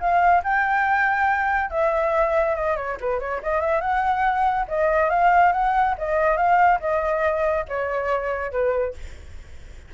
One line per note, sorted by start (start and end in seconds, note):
0.00 0.43 F5
0.44 1.70 G5
1.70 2.55 E5
2.55 2.76 D#5
2.76 2.97 C#5
3.01 3.20 B4
3.20 3.41 C#5
3.43 3.61 D#5
3.61 3.81 E5
3.81 4.66 F#5
4.68 5.10 D#5
5.10 5.52 F5
5.53 5.95 F#5
5.98 6.37 D#5
6.37 6.79 F5
6.80 7.65 D#5
7.68 8.52 C#5
8.52 8.94 B4